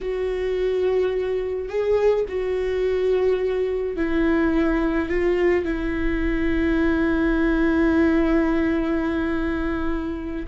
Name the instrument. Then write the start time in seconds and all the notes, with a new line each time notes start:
viola
0.01 F#4
1.68 G#4
2.28 F#4
3.96 E4
5.08 F4
5.64 E4